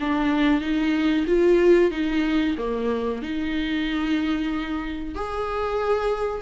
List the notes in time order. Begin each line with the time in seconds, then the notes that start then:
0.00 D4
0.61 D#4
1.27 F4
1.91 D#4
2.57 A#3
3.22 D#4
5.15 G#4